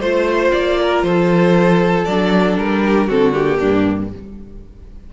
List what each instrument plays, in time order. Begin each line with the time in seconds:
0.00 cello A3, viola F4, violin C5
0.51 cello A#3, violin D5
0.81 violin A#4
1.02 cello F3, violin A4 C5
2.05 cello F#3, viola D4, violin D5
2.58 cello G3, violin A#4
2.83 violin G4
3.07 cello D3, viola C4, violin F#4 A4
3.32 viola A#3, violin G4
3.58 cello G2, violin D4